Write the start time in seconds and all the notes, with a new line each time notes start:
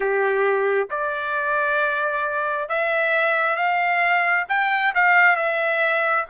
0.00 G4
0.90 D5
2.69 E5
3.55 F5
4.48 G5
4.95 F5
5.35 E5